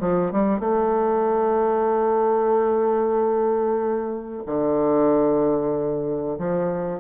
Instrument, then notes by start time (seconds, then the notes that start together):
bassoon
0.00 F3
0.32 G3
0.59 A3
4.46 D3
6.38 F3